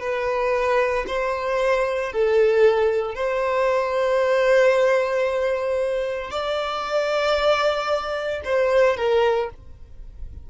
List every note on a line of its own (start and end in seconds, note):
0.00 1.05 B4
1.07 2.12 C5
2.12 3.15 A4
3.15 6.31 C5
6.31 8.41 D5
8.44 8.97 C5
8.97 9.49 A#4